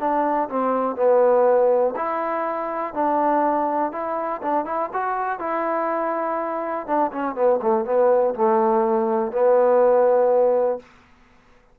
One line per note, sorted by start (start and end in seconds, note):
0.00 0.49 D4
0.49 0.96 C4
0.96 1.94 B3
1.96 2.94 E4
2.94 3.92 D4
3.92 4.42 E4
4.42 4.65 D4
4.65 4.90 E4
4.93 5.39 F#4
5.39 6.87 E4
6.87 7.12 D4
7.12 7.35 C#4
7.35 7.60 B3
7.62 7.85 A3
7.85 8.35 B3
8.35 9.32 A3
9.32 10.80 B3